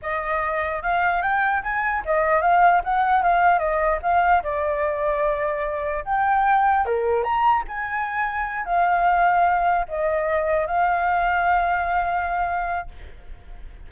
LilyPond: \new Staff \with { instrumentName = "flute" } { \time 4/4 \tempo 4 = 149 dis''2 f''4 g''4 | gis''4 dis''4 f''4 fis''4 | f''4 dis''4 f''4 d''4~ | d''2. g''4~ |
g''4 ais'4 ais''4 gis''4~ | gis''4. f''2~ f''8~ | f''8 dis''2 f''4.~ | f''1 | }